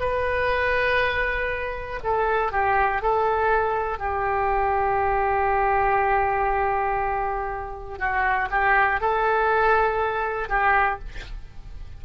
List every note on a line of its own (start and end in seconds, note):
0.00 2.00 B4
2.03 2.52 A4
2.52 3.01 G4
3.01 3.99 A4
3.99 7.99 G4
7.99 8.49 F#4
8.51 9.01 G4
9.01 10.49 A4
10.49 10.99 G4